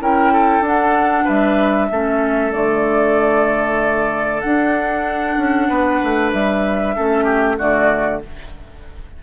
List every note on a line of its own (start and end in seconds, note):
0.00 0.61 C#4
0.00 0.63 E4
0.00 0.33 A#4
0.00 0.65 G5
0.33 1.24 A4
0.61 1.24 D4
0.61 1.90 D4
0.61 1.27 F#5
1.24 1.91 G3
1.24 1.87 B4
1.24 2.52 E5
1.91 2.53 A3
1.91 2.52 C#4
1.91 5.69 A4
2.52 4.42 D3
2.52 4.42 A3
2.52 4.41 D5
4.41 6.96 D4
4.41 5.37 D4
4.41 6.30 F#5
5.37 5.69 C#4
5.69 6.01 B3
5.69 6.95 B4
6.03 6.33 A3
6.32 6.96 G3
6.32 7.58 E5
6.96 7.59 A3
6.96 7.57 C#4
6.96 7.24 A4
7.24 7.56 G4
7.57 8.23 D3
7.57 8.21 A3
7.57 8.22 F#4
7.57 8.22 D5